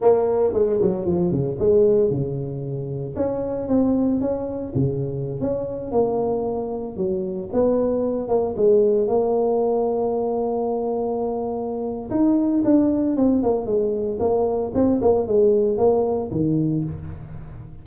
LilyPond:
\new Staff \with { instrumentName = "tuba" } { \time 4/4 \tempo 4 = 114 ais4 gis8 fis8 f8 cis8 gis4 | cis2 cis'4 c'4 | cis'4 cis4~ cis16 cis'4 ais8.~ | ais4~ ais16 fis4 b4. ais16~ |
ais16 gis4 ais2~ ais8.~ | ais2. dis'4 | d'4 c'8 ais8 gis4 ais4 | c'8 ais8 gis4 ais4 dis4 | }